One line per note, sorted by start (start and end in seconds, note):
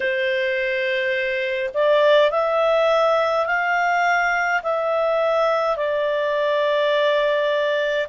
0.00 1.70 C5
1.74 2.31 D5
2.31 3.46 E5
3.46 4.61 F5
4.62 5.76 E5
5.76 8.07 D5